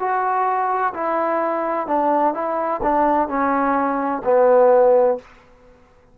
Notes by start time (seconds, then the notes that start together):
0.00 F#4
0.94 E4
1.88 D4
2.34 E4
2.83 D4
3.29 C#4
4.25 B3